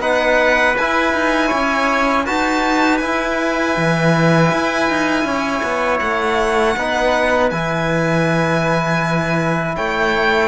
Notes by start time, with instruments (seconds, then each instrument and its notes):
0.00 cello B3, trombone D#4, trumpet B4, violin F#5
0.77 cello E4, trombone E4, violin G#5
1.13 cello D#4
1.48 cello C#4, trumpet C#5
2.26 cello D#4, trombone F#4, trumpet B4, violin A5
2.98 cello E4, trombone E4, violin G#5
3.76 cello E3
4.52 cello E4
4.90 cello D#4
5.24 cello C#4, trumpet C#5
5.63 cello B3
5.99 cello A3, violin F#5
6.76 cello B3, trombone D#4, trumpet B4
7.50 cello E3, trombone E4, violin G#5
9.76 cello A3, trumpet C#5, violin G5